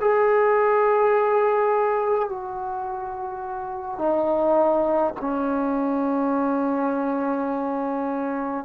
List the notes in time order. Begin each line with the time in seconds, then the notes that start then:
0.00 G#4
2.29 F#4
3.98 D#4
5.20 C#4